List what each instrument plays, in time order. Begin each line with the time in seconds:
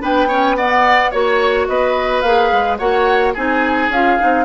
0.00 bassoon B3, clarinet D4, oboe B4, flute G5
0.28 clarinet C#4, oboe C#5
0.55 clarinet B3, oboe D5, flute F#5
1.11 bassoon A#3, clarinet F#4, flute C#5, oboe C#5
1.67 bassoon B3, oboe B4, flute D#5
2.21 bassoon A#3, clarinet G#4, flute F5
2.51 bassoon G#3
2.77 bassoon A#3, clarinet F#4, oboe C#5, flute F#5
3.33 bassoon C4, clarinet D#4, oboe G#4, flute G#5
3.89 bassoon C#4, clarinet F4, flute F5
4.19 bassoon C4, clarinet D#4